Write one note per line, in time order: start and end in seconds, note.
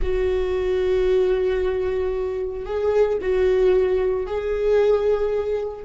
0.02 2.65 F#4
2.65 3.18 G#4
3.21 4.26 F#4
4.26 5.84 G#4